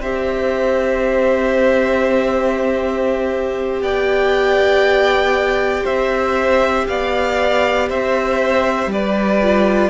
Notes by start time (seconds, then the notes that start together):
0.00 C4 G4 C5 E5
3.81 B3 D5 G5
5.83 C4 C5 E5
6.87 B3 D5 F5
7.89 C4 C5 E5
8.87 G3 B4 D5
9.42 F4